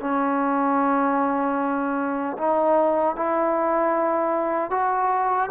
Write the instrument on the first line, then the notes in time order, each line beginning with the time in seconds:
trombone
0.00 C#4
2.38 D#4
3.15 E4
4.70 F#4